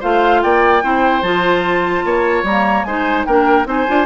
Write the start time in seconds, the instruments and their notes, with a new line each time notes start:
0.00 bassoon A3, clarinet F4, oboe C5, flute F5
0.42 bassoon A#3, oboe D5, flute G5
0.82 bassoon C4, clarinet E4, oboe C5
1.22 bassoon F3, clarinet F4, flute A5
2.04 bassoon A#3, oboe C#5
2.43 bassoon G3, flute A#5
2.49 clarinet A#3
2.84 bassoon G#3, clarinet D#4, oboe C5, flute G#5
3.25 bassoon A#3, clarinet D4, oboe A#4, flute G5
3.65 bassoon C4, clarinet D#4, oboe C5, flute G#5
3.87 bassoon D4, clarinet F4